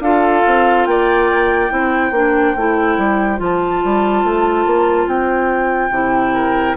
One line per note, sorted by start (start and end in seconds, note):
0.00 0.42 D4
0.00 1.69 F4
0.00 0.88 A4
0.00 0.86 F5
0.46 0.86 C4
0.86 1.71 A#3
0.86 1.73 D5
0.86 3.39 G5
1.69 2.11 C4
1.69 2.12 E4
1.69 6.34 C5
2.11 2.54 A#3
2.11 2.56 D4
2.56 2.97 A3
2.56 3.37 E4
2.97 3.39 G3
3.37 3.82 F3
3.37 5.91 F4
3.43 5.08 A5
3.84 4.24 G3
4.24 4.66 A3
4.66 5.07 A#3
5.07 5.90 C4
5.07 6.77 G5
5.90 6.75 C3
5.90 6.77 E4
6.34 6.76 A#4